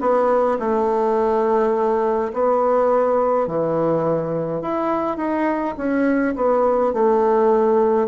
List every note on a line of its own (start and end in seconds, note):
0.00 0.58 B3
0.59 2.32 A3
2.33 3.47 B3
3.47 4.61 E3
4.61 5.17 E4
5.17 5.74 D#4
5.77 6.35 C#4
6.35 6.93 B3
6.93 8.08 A3